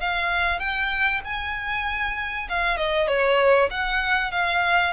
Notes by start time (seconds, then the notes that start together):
0.00 F5
0.59 G5
1.24 G#5
2.49 F5
2.77 D#5
3.07 C#5
3.70 F#5
4.31 F5